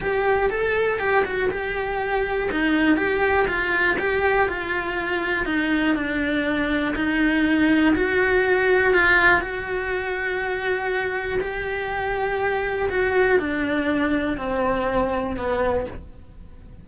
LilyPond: \new Staff \with { instrumentName = "cello" } { \time 4/4 \tempo 4 = 121 g'4 a'4 g'8 fis'8 g'4~ | g'4 dis'4 g'4 f'4 | g'4 f'2 dis'4 | d'2 dis'2 |
fis'2 f'4 fis'4~ | fis'2. g'4~ | g'2 fis'4 d'4~ | d'4 c'2 b4 | }